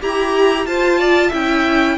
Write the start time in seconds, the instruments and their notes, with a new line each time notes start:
0.00 cello E4, violin G4 A#5, viola G4
0.65 cello F4, viola F4, violin C5 A5
0.99 violin D5
1.28 cello C#4, viola E4, violin E5 G5